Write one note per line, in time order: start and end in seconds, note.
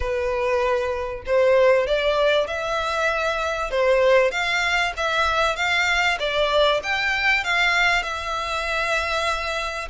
0.00 1.23 B4
1.25 1.87 C5
1.87 2.47 D5
2.47 3.70 E5
3.71 4.31 C5
4.31 4.93 F5
4.97 5.56 E5
5.56 6.17 F5
6.19 6.80 D5
6.83 7.43 G5
7.43 8.02 F5
8.02 9.88 E5